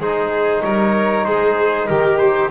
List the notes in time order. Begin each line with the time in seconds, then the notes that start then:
0.00 G#3 D#4 G#4 C5
0.62 G3 A#4 C#5
1.25 G#3 G#4 C5
1.87 D#3 G4 A#4
2.19 C5